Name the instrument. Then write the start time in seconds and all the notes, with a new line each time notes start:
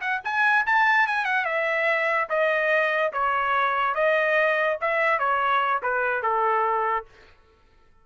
trumpet
0.00 F#5
0.24 G#5
0.66 A5
1.06 G#5
1.25 F#5
1.45 E5
2.29 D#5
3.12 C#5
3.94 D#5
4.81 E5
5.19 C#5
5.82 B4
6.22 A4